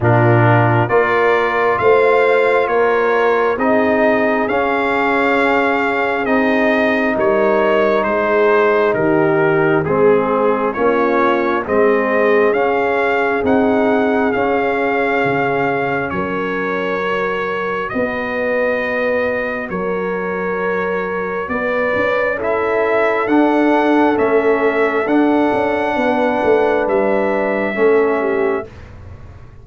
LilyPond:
<<
  \new Staff \with { instrumentName = "trumpet" } { \time 4/4 \tempo 4 = 67 ais'4 d''4 f''4 cis''4 | dis''4 f''2 dis''4 | cis''4 c''4 ais'4 gis'4 | cis''4 dis''4 f''4 fis''4 |
f''2 cis''2 | dis''2 cis''2 | d''4 e''4 fis''4 e''4 | fis''2 e''2 | }
  \new Staff \with { instrumentName = "horn" } { \time 4/4 f'4 ais'4 c''4 ais'4 | gis'1 | ais'4 gis'4 g'4 gis'4 | f'4 gis'2.~ |
gis'2 ais'2 | b'2 ais'2 | b'4 a'2.~ | a'4 b'2 a'8 g'8 | }
  \new Staff \with { instrumentName = "trombone" } { \time 4/4 d'4 f'2. | dis'4 cis'2 dis'4~ | dis'2. c'4 | cis'4 c'4 cis'4 dis'4 |
cis'2. fis'4~ | fis'1~ | fis'4 e'4 d'4 cis'4 | d'2. cis'4 | }
  \new Staff \with { instrumentName = "tuba" } { \time 4/4 ais,4 ais4 a4 ais4 | c'4 cis'2 c'4 | g4 gis4 dis4 gis4 | ais4 gis4 cis'4 c'4 |
cis'4 cis4 fis2 | b2 fis2 | b8 cis'4. d'4 a4 | d'8 cis'8 b8 a8 g4 a4 | }
>>